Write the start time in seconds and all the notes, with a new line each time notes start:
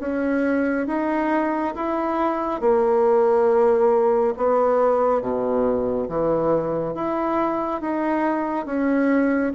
0.00 C#4
0.87 D#4
1.75 E4
2.60 A#3
4.37 B3
5.21 B2
6.09 E3
6.95 E4
7.81 D#4
8.66 C#4